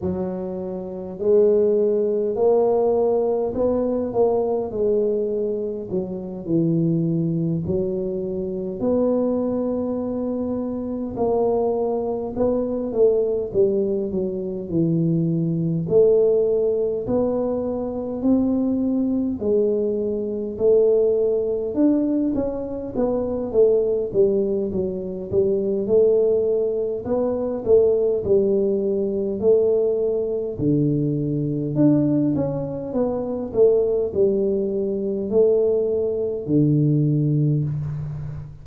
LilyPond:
\new Staff \with { instrumentName = "tuba" } { \time 4/4 \tempo 4 = 51 fis4 gis4 ais4 b8 ais8 | gis4 fis8 e4 fis4 b8~ | b4. ais4 b8 a8 g8 | fis8 e4 a4 b4 c'8~ |
c'8 gis4 a4 d'8 cis'8 b8 | a8 g8 fis8 g8 a4 b8 a8 | g4 a4 d4 d'8 cis'8 | b8 a8 g4 a4 d4 | }